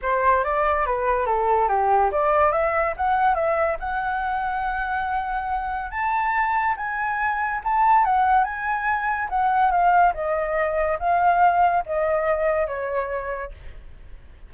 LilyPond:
\new Staff \with { instrumentName = "flute" } { \time 4/4 \tempo 4 = 142 c''4 d''4 b'4 a'4 | g'4 d''4 e''4 fis''4 | e''4 fis''2.~ | fis''2 a''2 |
gis''2 a''4 fis''4 | gis''2 fis''4 f''4 | dis''2 f''2 | dis''2 cis''2 | }